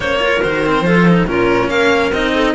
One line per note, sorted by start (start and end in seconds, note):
0.00 0.42 A#3
0.00 0.19 C#4
0.00 0.21 C5
0.00 0.41 C#5
0.19 0.40 F4
0.19 0.85 A#4
0.41 0.81 D#3
0.41 0.65 F#4
0.41 1.27 C5
0.66 0.86 C4
0.81 1.24 F3
0.81 1.07 F4
0.81 1.28 A4
1.08 1.27 D#4
1.27 1.69 A#2
1.27 2.12 C#4
1.27 1.69 F4
1.27 1.69 A#4
1.69 2.11 A#3
1.69 2.33 A#4
1.69 2.12 F5
2.11 2.54 C4
2.11 2.54 D#4
2.11 2.54 D#5
2.33 2.54 A4